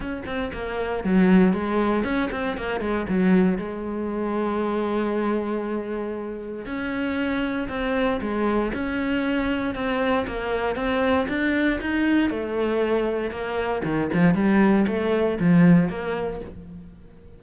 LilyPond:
\new Staff \with { instrumentName = "cello" } { \time 4/4 \tempo 4 = 117 cis'8 c'8 ais4 fis4 gis4 | cis'8 c'8 ais8 gis8 fis4 gis4~ | gis1~ | gis4 cis'2 c'4 |
gis4 cis'2 c'4 | ais4 c'4 d'4 dis'4 | a2 ais4 dis8 f8 | g4 a4 f4 ais4 | }